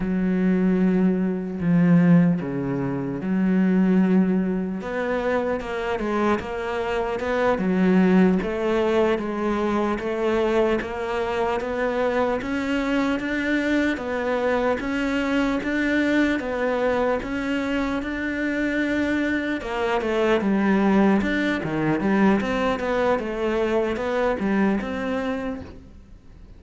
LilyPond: \new Staff \with { instrumentName = "cello" } { \time 4/4 \tempo 4 = 75 fis2 f4 cis4 | fis2 b4 ais8 gis8 | ais4 b8 fis4 a4 gis8~ | gis8 a4 ais4 b4 cis'8~ |
cis'8 d'4 b4 cis'4 d'8~ | d'8 b4 cis'4 d'4.~ | d'8 ais8 a8 g4 d'8 dis8 g8 | c'8 b8 a4 b8 g8 c'4 | }